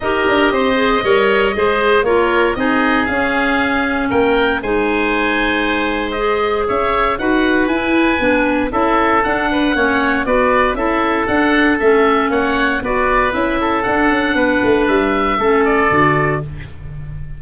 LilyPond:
<<
  \new Staff \with { instrumentName = "oboe" } { \time 4/4 \tempo 4 = 117 dis''1 | cis''4 dis''4 f''2 | g''4 gis''2. | dis''4 e''4 fis''4 gis''4~ |
gis''4 e''4 fis''2 | d''4 e''4 fis''4 e''4 | fis''4 d''4 e''4 fis''4~ | fis''4 e''4. d''4. | }
  \new Staff \with { instrumentName = "oboe" } { \time 4/4 ais'4 c''4 cis''4 c''4 | ais'4 gis'2. | ais'4 c''2.~ | c''4 cis''4 b'2~ |
b'4 a'4. b'8 cis''4 | b'4 a'2. | cis''4 b'4. a'4. | b'2 a'2 | }
  \new Staff \with { instrumentName = "clarinet" } { \time 4/4 g'4. gis'8 ais'4 gis'4 | f'4 dis'4 cis'2~ | cis'4 dis'2. | gis'2 fis'4 e'4 |
d'4 e'4 d'4 cis'4 | fis'4 e'4 d'4 cis'4~ | cis'4 fis'4 e'4 d'4~ | d'2 cis'4 fis'4 | }
  \new Staff \with { instrumentName = "tuba" } { \time 4/4 dis'8 d'8 c'4 g4 gis4 | ais4 c'4 cis'2 | ais4 gis2.~ | gis4 cis'4 dis'4 e'4 |
b4 cis'4 d'4 ais4 | b4 cis'4 d'4 a4 | ais4 b4 cis'4 d'8 cis'8 | b8 a8 g4 a4 d4 | }
>>